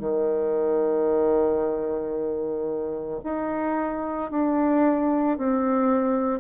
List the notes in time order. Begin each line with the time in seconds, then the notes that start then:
0.00 D#3
3.24 D#4
4.31 D4
5.38 C4